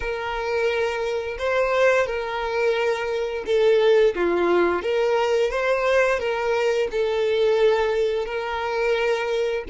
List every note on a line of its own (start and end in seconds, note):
0.00 1.37 A#4
1.38 2.06 C5
2.06 3.44 A#4
3.45 4.14 A4
4.15 4.82 F4
4.82 5.50 A#4
5.50 6.19 C5
6.19 6.88 A#4
6.91 8.25 A4
8.25 9.63 A#4